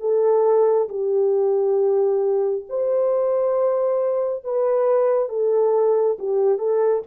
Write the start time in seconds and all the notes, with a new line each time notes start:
0.00 A4
0.89 G4
2.69 C5
4.44 B4
5.29 A4
6.18 G4
6.58 A4